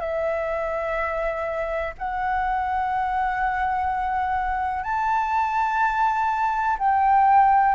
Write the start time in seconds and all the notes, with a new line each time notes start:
0.00 E5
1.98 F#5
4.83 A5
6.78 G5